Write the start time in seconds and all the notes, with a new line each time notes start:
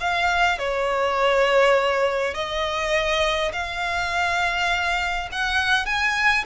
0.00 F5
0.59 C#5
2.34 D#5
3.52 F5
5.32 F#5
5.86 G#5